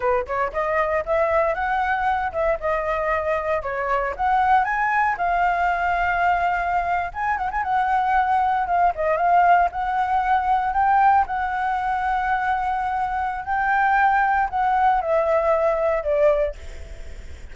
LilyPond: \new Staff \with { instrumentName = "flute" } { \time 4/4 \tempo 4 = 116 b'8 cis''8 dis''4 e''4 fis''4~ | fis''8 e''8 dis''2 cis''4 | fis''4 gis''4 f''2~ | f''4.~ f''16 gis''8 fis''16 gis''16 fis''4~ fis''16~ |
fis''8. f''8 dis''8 f''4 fis''4~ fis''16~ | fis''8. g''4 fis''2~ fis''16~ | fis''2 g''2 | fis''4 e''2 d''4 | }